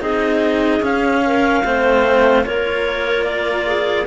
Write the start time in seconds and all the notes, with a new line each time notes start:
0.00 C4 D#4 G#4 D#5
0.80 C#4 F5
1.25 A#4
1.64 A3 C4 C5
2.43 A#3 F4 A#4 C#5
3.24 D5
3.66 G#4